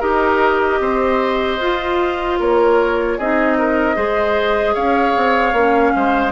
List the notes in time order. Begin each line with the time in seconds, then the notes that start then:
0.00 D#4 G4 A#4 D#5
0.80 C4 C5
1.60 F4
2.40 A#3 A#4 C#5
3.18 C4 D#4 G#4 D#5
3.59 A#4
3.95 G#3 G#4 C5
4.74 C#4 C#5 F5
5.16 C4
5.53 A#3 C#4
5.96 G#3 C5